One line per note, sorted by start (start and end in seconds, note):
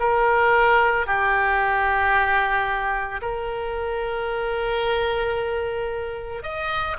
0.00 1.07 A#4
1.07 3.21 G4
3.22 6.43 A#4
6.43 6.97 D#5